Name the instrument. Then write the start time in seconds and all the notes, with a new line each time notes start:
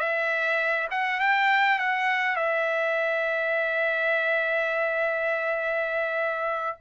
trumpet
0.00 E5
0.91 F#5
1.20 G5
1.79 F#5
2.36 E5